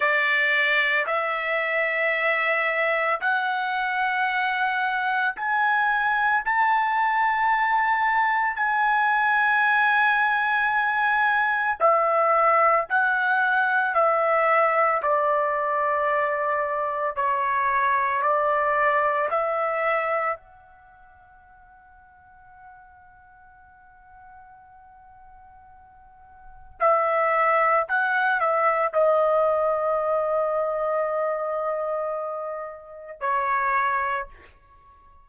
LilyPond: \new Staff \with { instrumentName = "trumpet" } { \time 4/4 \tempo 4 = 56 d''4 e''2 fis''4~ | fis''4 gis''4 a''2 | gis''2. e''4 | fis''4 e''4 d''2 |
cis''4 d''4 e''4 fis''4~ | fis''1~ | fis''4 e''4 fis''8 e''8 dis''4~ | dis''2. cis''4 | }